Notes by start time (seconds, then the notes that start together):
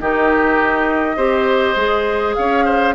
0.00 D#3 D#4 G4 D#5
1.16 C4 G4 C5
1.76 G#3 G#4
2.35 C#4 C#5 F5
2.65 C5